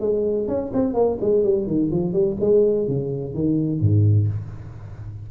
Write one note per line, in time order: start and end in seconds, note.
0.00 0.48 G#3
0.48 0.71 C#4
0.73 0.94 C4
0.94 1.18 A#3
1.21 1.44 G#3
1.44 1.67 G3
1.67 1.91 D#3
1.91 2.13 F3
2.13 2.37 G3
2.40 2.88 G#3
2.88 3.34 C#3
3.34 3.80 D#3
3.80 4.28 G#2